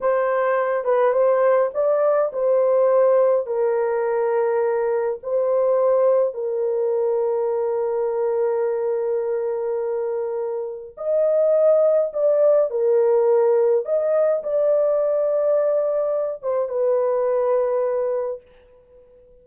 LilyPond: \new Staff \with { instrumentName = "horn" } { \time 4/4 \tempo 4 = 104 c''4. b'8 c''4 d''4 | c''2 ais'2~ | ais'4 c''2 ais'4~ | ais'1~ |
ais'2. dis''4~ | dis''4 d''4 ais'2 | dis''4 d''2.~ | d''8 c''8 b'2. | }